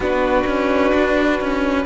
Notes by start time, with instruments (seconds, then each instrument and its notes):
0.00 cello B3, viola D4, violin F#4 B4
0.46 cello C#4
0.94 cello D4
1.40 cello C#4